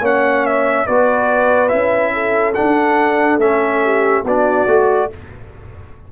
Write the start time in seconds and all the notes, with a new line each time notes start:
0.00 A#3 C#4 C#5 F#5
0.46 E5
0.86 B3 F#4 B4 D5
1.69 C#4 E4 E5
2.14 A4
2.55 D4 F#5
2.61 D4
3.38 A3 C#4 E5
3.84 G4
4.24 B3 D4 F#4 D5
4.67 A3 F#4